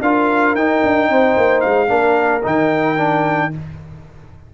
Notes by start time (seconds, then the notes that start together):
0.00 D4 F4 A#4 F5
0.54 D#4 G5
0.83 D4
1.09 C4 C5
1.36 A#3
1.60 G#3 F5
1.87 A#3 D4 A#4
2.43 D#3 D#4 G5
2.96 D4